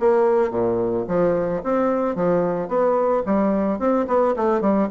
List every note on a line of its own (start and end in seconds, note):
0.00 0.51 A#3
0.51 1.05 A#2
1.08 1.62 F3
1.63 2.15 C4
2.15 2.68 F3
2.68 3.23 B3
3.26 3.79 G3
3.79 4.06 C4
4.07 4.35 B3
4.36 4.61 A3
4.61 4.88 G3